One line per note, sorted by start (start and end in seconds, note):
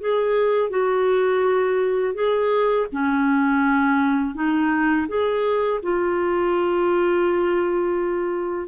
0.00 0.69 G#4
0.69 2.14 F#4
2.14 2.86 G#4
2.92 4.34 C#4
4.34 5.07 D#4
5.07 5.80 G#4
5.82 8.68 F4